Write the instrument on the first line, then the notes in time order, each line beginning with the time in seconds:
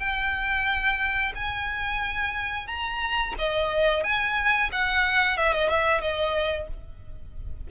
violin
0.00 G5
1.35 G#5
2.68 A#5
3.38 D#5
4.04 G#5
4.72 F#5
5.37 E5
5.53 D#5
5.69 E5
6.02 D#5